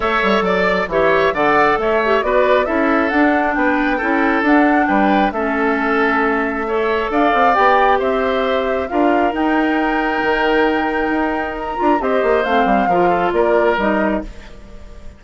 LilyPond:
<<
  \new Staff \with { instrumentName = "flute" } { \time 4/4 \tempo 4 = 135 e''4 d''4 e''4 fis''4 | e''4 d''4 e''4 fis''4 | g''2 fis''4 g''4 | e''1 |
f''4 g''4 e''2 | f''4 g''2.~ | g''2 ais''4 dis''4 | f''2 d''4 dis''4 | }
  \new Staff \with { instrumentName = "oboe" } { \time 4/4 cis''4 d''4 cis''4 d''4 | cis''4 b'4 a'2 | b'4 a'2 b'4 | a'2. cis''4 |
d''2 c''2 | ais'1~ | ais'2. c''4~ | c''4 ais'8 a'8 ais'2 | }
  \new Staff \with { instrumentName = "clarinet" } { \time 4/4 a'2 g'4 a'4~ | a'8 g'8 fis'4 e'4 d'4~ | d'4 e'4 d'2 | cis'2. a'4~ |
a'4 g'2. | f'4 dis'2.~ | dis'2~ dis'8 f'8 g'4 | c'4 f'2 dis'4 | }
  \new Staff \with { instrumentName = "bassoon" } { \time 4/4 a8 g8 fis4 e4 d4 | a4 b4 cis'4 d'4 | b4 cis'4 d'4 g4 | a1 |
d'8 c'8 b4 c'2 | d'4 dis'2 dis4~ | dis4 dis'4. d'8 c'8 ais8 | a8 g8 f4 ais4 g4 | }
>>